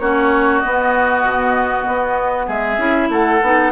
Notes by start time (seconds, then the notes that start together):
0.00 A#3 C#4 F#4 C#5
0.60 B3 D#5
1.24 B2
1.88 B3
2.47 G#3 G#4 E5
2.78 C#4 E4
3.10 A3 A4 F#5
3.42 B3 D#4